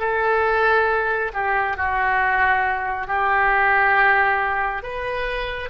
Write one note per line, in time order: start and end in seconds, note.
0.00 1.32 A4
1.34 1.77 G4
1.77 3.08 F#4
3.08 4.83 G4
4.83 5.70 B4